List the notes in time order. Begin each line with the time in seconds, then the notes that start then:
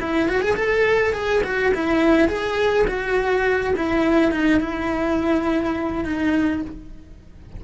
0.00 E4
0.28 F#4
0.40 G#4
0.55 A4
1.13 G#4
1.43 F#4
1.74 E4
2.28 G#4
2.87 F#4
3.76 E4
4.31 D#4
4.60 E4
6.04 D#4